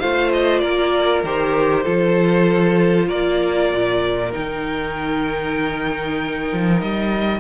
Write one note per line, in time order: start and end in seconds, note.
0.00 0.63 A3
0.00 1.25 F4
0.00 0.62 C5
0.00 0.31 F5
0.33 0.60 D#5
0.60 1.24 A#3
0.60 1.84 A#4
0.60 1.21 D5
1.24 1.86 D#3
1.24 1.84 G4
1.24 3.09 C5
1.84 3.11 F3
1.84 4.31 F4
1.84 3.07 A4
3.08 3.73 A#3
3.08 7.40 A#4
3.08 4.32 D5
3.73 4.35 A#2
4.32 6.53 D#3
4.32 7.40 D#4
4.32 6.81 G5
6.53 6.82 F3
6.81 7.40 G3
6.81 7.40 D#5